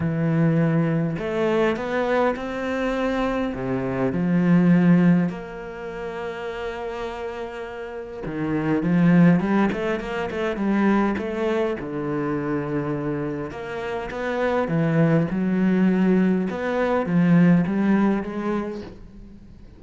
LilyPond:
\new Staff \with { instrumentName = "cello" } { \time 4/4 \tempo 4 = 102 e2 a4 b4 | c'2 c4 f4~ | f4 ais2.~ | ais2 dis4 f4 |
g8 a8 ais8 a8 g4 a4 | d2. ais4 | b4 e4 fis2 | b4 f4 g4 gis4 | }